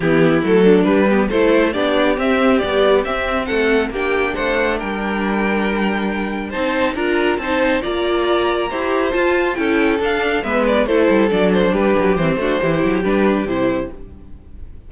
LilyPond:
<<
  \new Staff \with { instrumentName = "violin" } { \time 4/4 \tempo 4 = 138 g'4 a'4 b'4 c''4 | d''4 e''4 d''4 e''4 | fis''4 g''4 fis''4 g''4~ | g''2. a''4 |
ais''4 a''4 ais''2~ | ais''4 a''4 g''4 f''4 | e''8 d''8 c''4 d''8 c''8 b'4 | c''2 b'4 c''4 | }
  \new Staff \with { instrumentName = "violin" } { \time 4/4 e'4. d'4 g'8 a'4 | g'1 | a'4 g'4 c''4 ais'4~ | ais'2. c''4 |
ais'4 c''4 d''2 | c''2 a'2 | b'4 a'2 g'4~ | g'8 fis'8 g'2. | }
  \new Staff \with { instrumentName = "viola" } { \time 4/4 b4 a4 g8 b8 e'4 | d'4 c'4 g4 c'4~ | c'4 d'2.~ | d'2. dis'4 |
f'4 dis'4 f'2 | g'4 f'4 e'4 d'4 | b4 e'4 d'2 | c'8 d'8 e'4 d'4 e'4 | }
  \new Staff \with { instrumentName = "cello" } { \time 4/4 e4 fis4 g4 a4 | b4 c'4 b4 c'4 | a4 ais4 a4 g4~ | g2. c'4 |
d'4 c'4 ais2 | e'4 f'4 cis'4 d'4 | gis4 a8 g8 fis4 g8 fis8 | e8 a8 e8 fis8 g4 c4 | }
>>